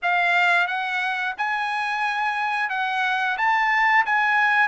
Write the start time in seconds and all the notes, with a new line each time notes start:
0.02 F5
0.67 F#5
1.37 G#5
2.69 F#5
3.37 A5
4.05 G#5